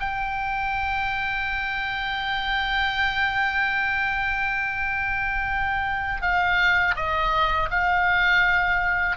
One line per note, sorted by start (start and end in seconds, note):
0.00 6.22 G5
6.22 6.95 F5
6.96 7.69 D#5
7.71 9.17 F5